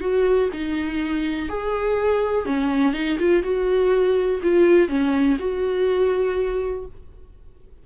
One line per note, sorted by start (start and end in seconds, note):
0.00 0.49 F#4
0.52 1.49 D#4
1.49 2.45 G#4
2.45 2.93 C#4
2.93 3.17 D#4
3.19 3.43 F4
3.43 4.40 F#4
4.43 4.88 F4
4.88 5.37 C#4
5.39 6.85 F#4